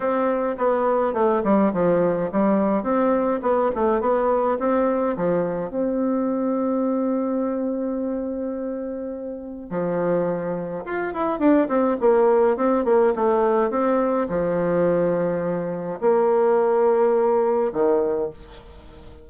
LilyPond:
\new Staff \with { instrumentName = "bassoon" } { \time 4/4 \tempo 4 = 105 c'4 b4 a8 g8 f4 | g4 c'4 b8 a8 b4 | c'4 f4 c'2~ | c'1~ |
c'4 f2 f'8 e'8 | d'8 c'8 ais4 c'8 ais8 a4 | c'4 f2. | ais2. dis4 | }